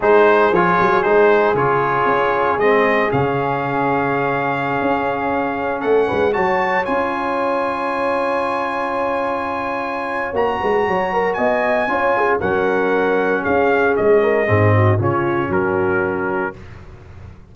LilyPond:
<<
  \new Staff \with { instrumentName = "trumpet" } { \time 4/4 \tempo 4 = 116 c''4 cis''4 c''4 cis''4~ | cis''4 dis''4 f''2~ | f''2.~ f''16 fis''8.~ | fis''16 a''4 gis''2~ gis''8.~ |
gis''1 | ais''2 gis''2 | fis''2 f''4 dis''4~ | dis''4 cis''4 ais'2 | }
  \new Staff \with { instrumentName = "horn" } { \time 4/4 gis'1~ | gis'1~ | gis'2.~ gis'16 a'8 b'16~ | b'16 cis''2.~ cis''8.~ |
cis''1~ | cis''8 b'8 cis''8 ais'8 dis''4 cis''8 gis'8 | ais'2 gis'4. ais'8 | gis'8 fis'8 f'4 fis'2 | }
  \new Staff \with { instrumentName = "trombone" } { \time 4/4 dis'4 f'4 dis'4 f'4~ | f'4 c'4 cis'2~ | cis'1~ | cis'16 fis'4 f'2~ f'8.~ |
f'1 | fis'2. f'4 | cis'1 | c'4 cis'2. | }
  \new Staff \with { instrumentName = "tuba" } { \time 4/4 gis4 f8 fis8 gis4 cis4 | cis'4 gis4 cis2~ | cis4~ cis16 cis'2 a8 gis16~ | gis16 fis4 cis'2~ cis'8.~ |
cis'1 | ais8 gis8 fis4 b4 cis'4 | fis2 cis'4 gis4 | gis,4 cis4 fis2 | }
>>